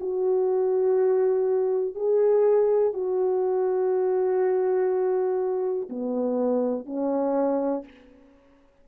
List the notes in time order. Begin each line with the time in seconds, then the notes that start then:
0.00 F#4
1.95 G#4
2.93 F#4
5.89 B3
6.86 C#4